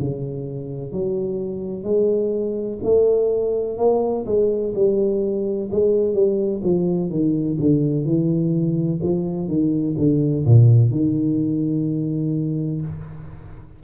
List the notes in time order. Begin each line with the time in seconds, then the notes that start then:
0.00 C#3
0.92 F#3
1.83 G#3
2.83 A3
3.77 A#3
4.26 G#3
4.74 G3
5.71 G#3
6.14 G3
6.64 F3
7.10 D#3
7.60 D3
8.05 E3
9.03 F3
9.48 D#3
9.97 D3
10.45 A#2
10.91 D#3